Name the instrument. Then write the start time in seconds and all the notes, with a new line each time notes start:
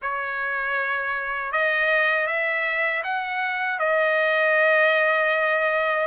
trumpet
0.02 C#5
1.52 D#5
2.26 E5
3.03 F#5
3.79 D#5